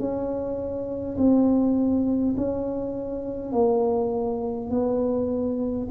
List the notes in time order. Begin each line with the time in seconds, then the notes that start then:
0.00 C#4
1.18 C4
2.37 C#4
3.53 A#3
4.71 B3